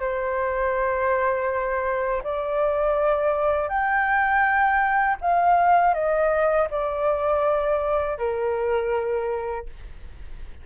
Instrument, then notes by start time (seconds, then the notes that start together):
flute
0.00 C5
2.24 D5
3.69 G5
5.21 F5
5.94 D#5
6.71 D5
8.18 A#4